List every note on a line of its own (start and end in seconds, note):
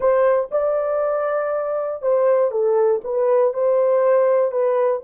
0.00 0.49 C5
0.51 2.02 D5
2.02 2.51 C5
2.51 3.01 A4
3.03 3.53 B4
3.53 4.51 C5
4.51 5.01 B4